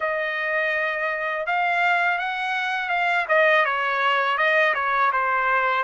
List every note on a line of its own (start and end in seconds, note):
0.00 1.46 D#5
1.46 2.18 F5
2.18 2.89 F#5
2.89 3.26 F5
3.28 3.65 D#5
3.65 4.37 C#5
4.37 4.74 D#5
4.74 5.11 C#5
5.12 5.83 C5